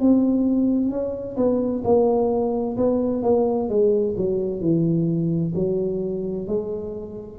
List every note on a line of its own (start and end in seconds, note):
0.00 0.90 C4
0.90 1.36 C#4
1.37 1.83 B3
1.84 2.77 A#3
2.77 3.23 B3
3.23 3.69 A#3
3.69 4.15 G#3
4.17 4.61 F#3
4.61 5.53 E3
5.55 6.47 F#3
6.47 7.38 G#3